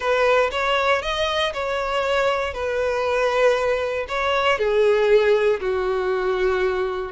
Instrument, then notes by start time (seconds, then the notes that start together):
violin
0.00 B4
0.51 C#5
1.02 D#5
1.53 C#5
2.53 B4
4.08 C#5
4.58 G#4
5.60 F#4